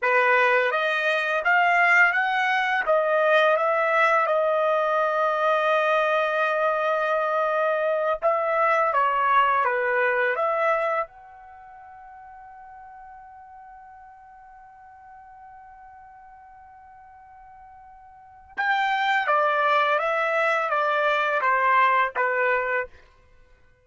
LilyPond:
\new Staff \with { instrumentName = "trumpet" } { \time 4/4 \tempo 4 = 84 b'4 dis''4 f''4 fis''4 | dis''4 e''4 dis''2~ | dis''2.~ dis''8 e''8~ | e''8 cis''4 b'4 e''4 fis''8~ |
fis''1~ | fis''1~ | fis''2 g''4 d''4 | e''4 d''4 c''4 b'4 | }